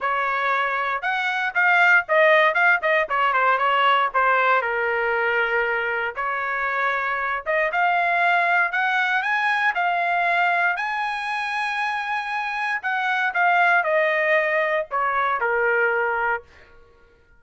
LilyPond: \new Staff \with { instrumentName = "trumpet" } { \time 4/4 \tempo 4 = 117 cis''2 fis''4 f''4 | dis''4 f''8 dis''8 cis''8 c''8 cis''4 | c''4 ais'2. | cis''2~ cis''8 dis''8 f''4~ |
f''4 fis''4 gis''4 f''4~ | f''4 gis''2.~ | gis''4 fis''4 f''4 dis''4~ | dis''4 cis''4 ais'2 | }